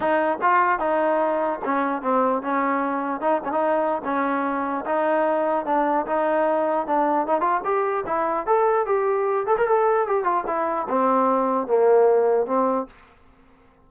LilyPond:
\new Staff \with { instrumentName = "trombone" } { \time 4/4 \tempo 4 = 149 dis'4 f'4 dis'2 | cis'4 c'4 cis'2 | dis'8 cis'16 dis'4~ dis'16 cis'2 | dis'2 d'4 dis'4~ |
dis'4 d'4 dis'8 f'8 g'4 | e'4 a'4 g'4. a'16 ais'16 | a'4 g'8 f'8 e'4 c'4~ | c'4 ais2 c'4 | }